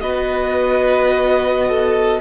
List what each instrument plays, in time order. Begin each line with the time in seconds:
0.00 cello B3, viola F#4, violin B4 D#5
1.69 violin A4